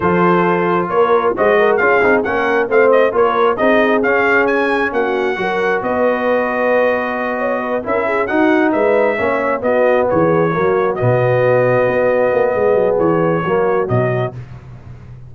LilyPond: <<
  \new Staff \with { instrumentName = "trumpet" } { \time 4/4 \tempo 4 = 134 c''2 cis''4 dis''4 | f''4 fis''4 f''8 dis''8 cis''4 | dis''4 f''4 gis''4 fis''4~ | fis''4 dis''2.~ |
dis''4. e''4 fis''4 e''8~ | e''4. dis''4 cis''4.~ | cis''8 dis''2.~ dis''8~ | dis''4 cis''2 dis''4 | }
  \new Staff \with { instrumentName = "horn" } { \time 4/4 a'2 ais'4 c''8 ais'8 | gis'4 ais'4 c''4 ais'4 | gis'2. fis'4 | ais'4 b'2.~ |
b'8 cis''8 b'8 ais'8 gis'8 fis'4 b'8~ | b'8 cis''4 fis'4 gis'4 fis'8~ | fis'1 | gis'2 fis'2 | }
  \new Staff \with { instrumentName = "trombone" } { \time 4/4 f'2. fis'4 | f'8 dis'8 cis'4 c'4 f'4 | dis'4 cis'2. | fis'1~ |
fis'4. e'4 dis'4.~ | dis'8 cis'4 b2 ais8~ | ais8 b2.~ b8~ | b2 ais4 fis4 | }
  \new Staff \with { instrumentName = "tuba" } { \time 4/4 f2 ais4 gis4 | cis'8 c'8 ais4 a4 ais4 | c'4 cis'2 ais4 | fis4 b2.~ |
b4. cis'4 dis'4 gis8~ | gis8 ais4 b4 e4 fis8~ | fis8 b,2 b4 ais8 | gis8 fis8 e4 fis4 b,4 | }
>>